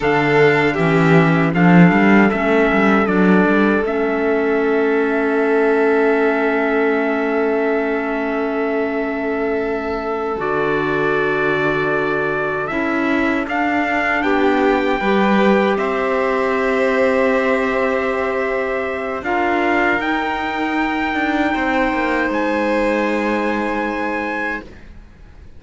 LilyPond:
<<
  \new Staff \with { instrumentName = "trumpet" } { \time 4/4 \tempo 4 = 78 f''4 e''4 f''4 e''4 | d''4 e''2.~ | e''1~ | e''4. d''2~ d''8~ |
d''8 e''4 f''4 g''4.~ | g''8 e''2.~ e''8~ | e''4 f''4 g''2~ | g''4 gis''2. | }
  \new Staff \with { instrumentName = "violin" } { \time 4/4 a'4 g'4 a'2~ | a'1~ | a'1~ | a'1~ |
a'2~ a'8 g'4 b'8~ | b'8 c''2.~ c''8~ | c''4 ais'2. | c''1 | }
  \new Staff \with { instrumentName = "clarinet" } { \time 4/4 d'4 cis'4 d'4 cis'4 | d'4 cis'2.~ | cis'1~ | cis'4. fis'2~ fis'8~ |
fis'8 e'4 d'2 g'8~ | g'1~ | g'4 f'4 dis'2~ | dis'1 | }
  \new Staff \with { instrumentName = "cello" } { \time 4/4 d4 e4 f8 g8 a8 g8 | fis8 g8 a2.~ | a1~ | a4. d2~ d8~ |
d8 cis'4 d'4 b4 g8~ | g8 c'2.~ c'8~ | c'4 d'4 dis'4. d'8 | c'8 ais8 gis2. | }
>>